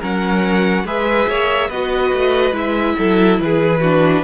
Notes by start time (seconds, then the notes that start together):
0.00 F#3 C#4 A#4 F#5
0.85 G#3 G#4 B4 E5
1.29 A#3 C#5
1.68 B3 F#4 B4 D#5
2.13 A3
2.52 G#3 E4 E5
2.98 F#3 A4
3.40 E3 G#4 B4
3.81 D4 F#4